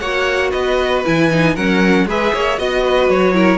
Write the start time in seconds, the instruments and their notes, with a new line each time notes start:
0.00 cello A#3, viola F#4, violin C#5 F#5
0.51 cello B3, violin B4 D#5
1.05 cello E3, viola E4, violin G#5
1.31 viola D#4
1.56 cello F#3, viola C#4, violin A#4 F#5
2.06 cello G#3, viola G#4, violin B4 E5
2.33 cello A#3, violin C#5
2.58 cello B3, viola F#4, violin D#5
2.83 violin B4
3.09 cello F#3, violin C#5
3.34 viola E4, violin A#4